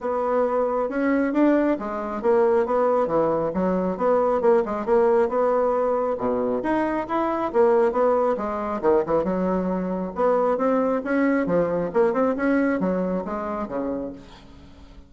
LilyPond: \new Staff \with { instrumentName = "bassoon" } { \time 4/4 \tempo 4 = 136 b2 cis'4 d'4 | gis4 ais4 b4 e4 | fis4 b4 ais8 gis8 ais4 | b2 b,4 dis'4 |
e'4 ais4 b4 gis4 | dis8 e8 fis2 b4 | c'4 cis'4 f4 ais8 c'8 | cis'4 fis4 gis4 cis4 | }